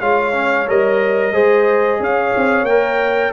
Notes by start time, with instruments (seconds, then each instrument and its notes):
0.00 tuba G#3, trombone F4, horn C#5, trumpet F5
0.33 trombone C#4
0.68 tuba G3, trombone A#4, trumpet D#5
1.32 tuba G#3, trombone G#4, horn C5
2.00 tuba C#4, horn C#5, trumpet F5
2.37 tuba C4
2.63 tuba A#3, trumpet G5
2.69 trombone A#4